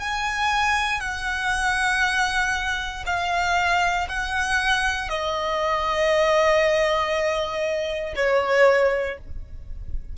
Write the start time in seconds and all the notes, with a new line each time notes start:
0.00 G#5
1.00 F#5
3.06 F5
4.09 F#5
5.09 D#5
8.16 C#5